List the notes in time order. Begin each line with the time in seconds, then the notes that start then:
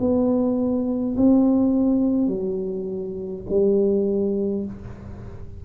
0.00 B3
1.16 C4
2.27 F#3
3.49 G3